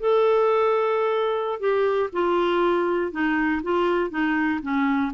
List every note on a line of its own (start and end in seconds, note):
0.00 1.60 A4
1.60 2.10 G4
2.13 3.12 F4
3.12 3.62 D#4
3.63 4.10 F4
4.10 4.60 D#4
4.62 5.12 C#4